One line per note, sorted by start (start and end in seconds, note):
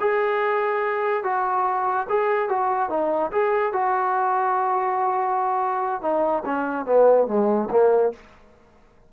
0.00 1.23 G#4
1.23 2.07 F#4
2.09 2.49 G#4
2.49 2.89 F#4
2.89 3.31 D#4
3.31 3.73 G#4
3.73 6.01 F#4
6.01 6.43 D#4
6.45 6.85 C#4
6.85 7.27 B3
7.27 7.69 G#3
7.71 8.12 A#3